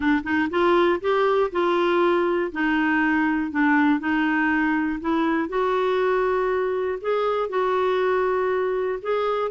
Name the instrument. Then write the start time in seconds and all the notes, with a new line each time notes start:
clarinet
0.00 D4
0.23 D#4
0.50 F4
1.00 G4
1.51 F4
2.52 D#4
3.51 D4
3.99 D#4
5.00 E4
5.49 F#4
7.01 G#4
7.49 F#4
9.01 G#4